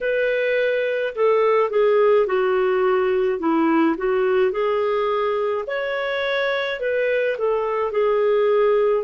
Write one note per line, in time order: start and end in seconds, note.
0.00 1.13 B4
1.15 1.70 A4
1.70 2.26 G#4
2.26 3.39 F#4
3.39 3.96 E4
3.97 4.51 F#4
4.51 5.64 G#4
5.67 6.80 C#5
6.80 7.36 B4
7.38 7.91 A4
7.91 9.04 G#4